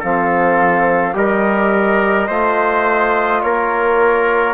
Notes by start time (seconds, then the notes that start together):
0.00 F3 C4 A4 F5
1.14 G3 G4 A#4 D#5
2.28 A3 F4 C5
3.42 A#3 A#4 C#5